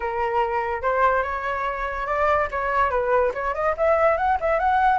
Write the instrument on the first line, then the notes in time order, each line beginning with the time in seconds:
flute
0.00 A#4
0.82 C5
1.23 C#5
2.06 D5
2.51 C#5
2.90 B4
3.34 C#5
3.54 D#5
3.77 E5
4.17 F#5
4.40 E5
4.59 F#5